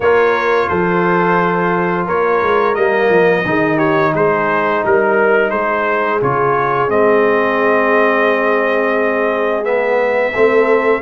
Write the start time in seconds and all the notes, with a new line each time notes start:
0.00 A#3 F4 A#4 C#5
0.68 F3 A4 C5
2.06 A#3 A#4 C#5
2.42 G#3
2.74 G3 A#3 D#5
3.09 F3
3.45 D#3 D#4 G#4
3.76 G4 C#5
4.14 G#3 G#4 C5
4.84 G3 A#4
5.50 G#3 G#4 C5
6.21 C#3 F4 C#5
6.88 G#3 C4 D#5
9.63 B3 E5
10.33 A3 C4 A4